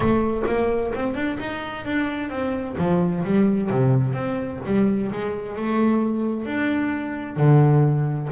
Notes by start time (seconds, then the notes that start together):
0.00 A3
0.46 A#3
0.95 C4
1.14 D4
1.39 D#4
1.85 D4
2.30 C4
2.78 F3
3.24 G3
3.70 C3
4.13 C4
4.65 G3
5.11 G#3
5.56 A3
6.45 D4
7.36 D3